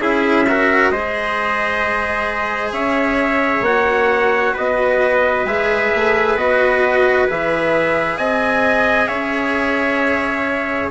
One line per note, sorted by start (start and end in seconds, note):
0.00 0.91 C#4
0.00 0.46 E4
0.00 0.47 G#4
0.00 0.91 E5
0.49 0.93 F#4
0.49 0.92 A#4
0.91 2.73 G#3
0.91 3.66 G#4
0.91 2.74 C5
0.91 2.73 D#5
2.73 3.62 C#4
2.73 4.54 C#5
2.73 3.64 E5
3.62 4.52 A#3
3.62 5.47 F#4
3.62 4.55 F#5
4.54 5.45 B3
4.54 8.18 B4
4.54 5.47 D#5
5.45 5.91 G#3
5.45 6.38 G#4
5.45 6.38 E5
5.95 6.37 A3
6.37 7.27 B3
6.37 7.28 F#4
6.37 7.29 D#5
7.28 8.18 E3
7.28 10.91 G#4
7.28 8.18 E5
8.18 9.09 C4
8.18 9.09 D#5
8.18 9.08 G#5
9.08 10.91 C#4
9.08 10.90 C#5
9.08 10.89 E5